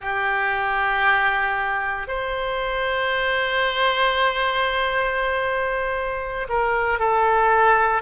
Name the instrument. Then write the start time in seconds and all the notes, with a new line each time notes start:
oboe
0.01 G4
2.07 C5
6.48 A#4
6.99 A4